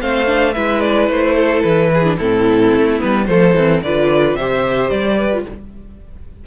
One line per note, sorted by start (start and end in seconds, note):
0.00 0.56 A3
0.00 0.26 C4
0.00 0.54 C5
0.00 0.53 F5
0.26 0.54 D4
0.53 1.09 G#3
0.53 2.05 E4
0.53 1.35 B4
0.53 0.80 E5
0.80 1.08 D5
1.09 1.64 A3
1.09 1.62 C5
1.36 1.91 A4
1.62 2.19 E3
1.62 2.17 B4
1.94 2.17 G#4
2.05 2.18 D4
2.17 2.74 A2
2.17 2.98 C4
2.17 3.26 E4
2.17 3.00 A4
2.74 3.02 A3
2.98 3.29 G3
2.98 3.26 B3
2.98 3.26 B4
3.26 3.55 F3
3.26 3.55 A3
3.26 3.83 A4
3.26 3.80 C5
3.55 3.82 E3
3.55 3.86 C4
3.82 4.36 D3
3.82 4.40 F4
3.82 4.38 B4
3.82 4.36 D5
4.36 4.90 C3
4.36 5.33 G4
4.36 5.18 C5
4.36 4.90 E5
4.90 5.45 G3
4.90 5.44 D5
5.18 5.45 B4
5.33 5.46 F4